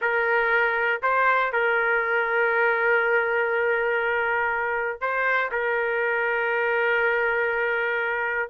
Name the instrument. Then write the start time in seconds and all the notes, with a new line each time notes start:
trumpet
0.01 A#4
1.02 C5
1.52 A#4
5.00 C5
5.51 A#4